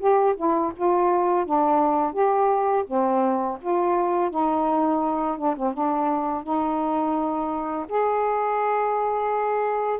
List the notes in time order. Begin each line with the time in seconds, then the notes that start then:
0.00 G4
0.37 E4
0.77 F4
1.46 D4
2.13 G4
2.87 C4
3.61 F4
4.31 D#4
5.38 D4
5.57 C4
5.74 D4
6.44 D#4
7.89 G#4